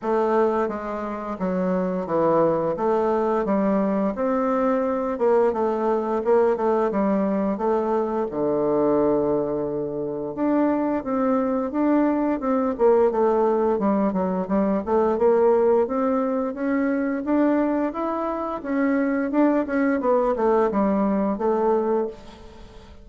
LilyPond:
\new Staff \with { instrumentName = "bassoon" } { \time 4/4 \tempo 4 = 87 a4 gis4 fis4 e4 | a4 g4 c'4. ais8 | a4 ais8 a8 g4 a4 | d2. d'4 |
c'4 d'4 c'8 ais8 a4 | g8 fis8 g8 a8 ais4 c'4 | cis'4 d'4 e'4 cis'4 | d'8 cis'8 b8 a8 g4 a4 | }